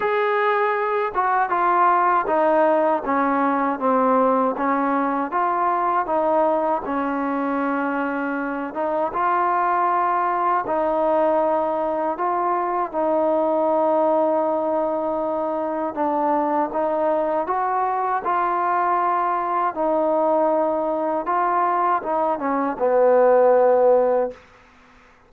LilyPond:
\new Staff \with { instrumentName = "trombone" } { \time 4/4 \tempo 4 = 79 gis'4. fis'8 f'4 dis'4 | cis'4 c'4 cis'4 f'4 | dis'4 cis'2~ cis'8 dis'8 | f'2 dis'2 |
f'4 dis'2.~ | dis'4 d'4 dis'4 fis'4 | f'2 dis'2 | f'4 dis'8 cis'8 b2 | }